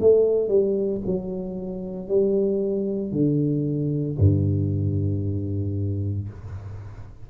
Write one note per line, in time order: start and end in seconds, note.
0.00 0.49 A3
0.49 1.01 G3
1.06 2.08 F#3
2.08 3.12 G3
3.12 4.18 D3
4.19 6.29 G2